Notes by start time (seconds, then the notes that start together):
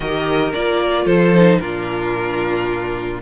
0.00 D#3 G4 A#4 D#5
0.53 A#3 F4 D5
1.05 F3 A4 C5
1.34 D#4
1.59 A#2 D4 F4 A#4